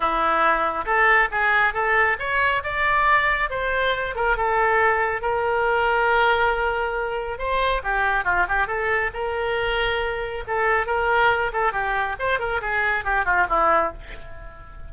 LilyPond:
\new Staff \with { instrumentName = "oboe" } { \time 4/4 \tempo 4 = 138 e'2 a'4 gis'4 | a'4 cis''4 d''2 | c''4. ais'8 a'2 | ais'1~ |
ais'4 c''4 g'4 f'8 g'8 | a'4 ais'2. | a'4 ais'4. a'8 g'4 | c''8 ais'8 gis'4 g'8 f'8 e'4 | }